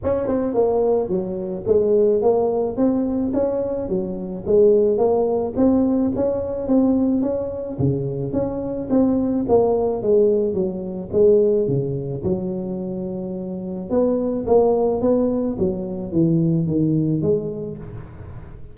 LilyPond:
\new Staff \with { instrumentName = "tuba" } { \time 4/4 \tempo 4 = 108 cis'8 c'8 ais4 fis4 gis4 | ais4 c'4 cis'4 fis4 | gis4 ais4 c'4 cis'4 | c'4 cis'4 cis4 cis'4 |
c'4 ais4 gis4 fis4 | gis4 cis4 fis2~ | fis4 b4 ais4 b4 | fis4 e4 dis4 gis4 | }